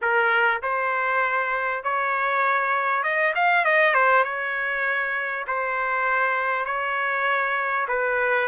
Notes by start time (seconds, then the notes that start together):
0.01 A#4
0.62 C5
1.83 C#5
3.03 D#5
3.35 F5
3.64 D#5
3.94 C5
4.23 C#5
5.47 C5
6.65 C#5
7.88 B4